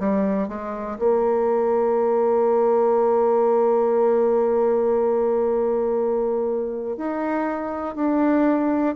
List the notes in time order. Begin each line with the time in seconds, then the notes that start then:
0.00 G3
0.48 G#3
0.99 A#3
6.97 D#4
7.95 D4